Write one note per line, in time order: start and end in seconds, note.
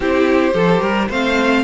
0.00 0.52 C4
0.00 0.53 E4
0.00 0.54 G4
0.00 1.11 C5
0.53 0.81 F3
0.53 1.08 G4
0.53 0.81 A4
0.81 1.08 G3
0.81 1.08 A#4
1.08 1.64 A3
1.08 1.64 C4
1.08 1.64 C5
1.08 1.64 F5